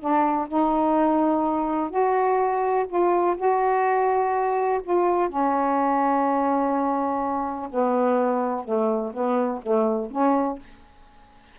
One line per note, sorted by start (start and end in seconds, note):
0.00 0.48 D4
0.49 1.90 D#4
1.90 2.86 F#4
2.89 3.37 F4
3.37 4.81 F#4
4.84 5.30 F4
5.30 7.70 C#4
7.71 8.65 B3
8.65 9.13 A3
9.14 9.62 B3
9.63 10.11 A3
10.11 10.59 C#4